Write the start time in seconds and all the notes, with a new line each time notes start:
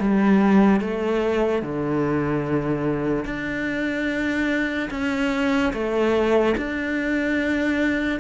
0.00 G3
0.81 A3
1.63 D3
3.25 D4
4.91 C#4
5.73 A3
6.58 D4